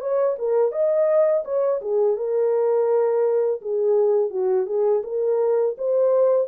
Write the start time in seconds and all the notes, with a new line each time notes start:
0.00 C#5
0.38 A#4
0.71 D#5
1.45 C#5
1.81 G#4
2.16 A#4
3.61 G#4
4.30 F#4
4.66 G#4
5.03 A#4
5.77 C5